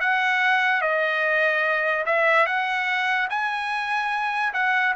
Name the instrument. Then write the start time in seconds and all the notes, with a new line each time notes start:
trumpet
0.00 F#5
0.81 D#5
2.05 E5
2.46 F#5
3.29 G#5
4.53 F#5